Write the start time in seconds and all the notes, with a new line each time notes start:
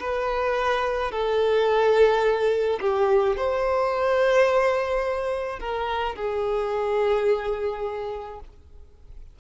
0.00 B4
1.12 A4
2.81 G4
3.37 C5
5.60 A#4
6.16 G#4